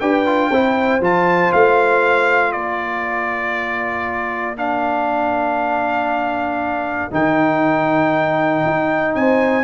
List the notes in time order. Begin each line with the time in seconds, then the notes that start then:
0.00 D4 G4 B4 G5
0.26 F4
0.50 C4 E4 C5
1.01 F3 F4 A5
1.52 A3 F5
2.52 A#3 A#4 D5
4.57 D4 F5
7.11 D#3 D#4 G5
8.66 D#4
9.15 C4 C5 G#5